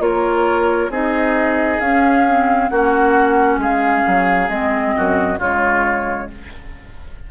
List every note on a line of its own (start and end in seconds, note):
0.00 0.90 A#3
0.00 0.90 F4
0.00 0.91 A#4
0.00 0.91 C#5
0.90 1.79 C4
0.90 1.81 D#4
0.90 2.71 G#4
0.90 1.80 D#5
1.80 2.70 C#4
1.80 2.28 C#4
1.80 2.70 F5
2.28 2.72 C4
2.70 3.58 A#3
2.70 4.50 C#4
2.70 3.61 F#4
2.70 3.59 F#5
3.58 4.02 G#3
3.58 4.96 G#4
3.58 4.50 F5
4.07 4.49 F#3
4.49 4.93 G#3
4.49 5.39 C4
4.49 5.40 D#5
4.96 5.39 F#2
4.96 5.39 F#4
5.39 6.29 C#3
5.39 6.30 G#3
5.39 6.29 F4
5.39 6.31 C#5